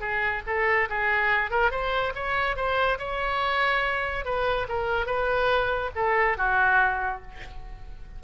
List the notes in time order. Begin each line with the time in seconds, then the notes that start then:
0.00 G#4
0.46 A4
0.89 G#4
1.50 A#4
1.71 C5
2.15 C#5
2.56 C5
2.98 C#5
4.25 B4
4.68 A#4
5.06 B4
5.95 A4
6.37 F#4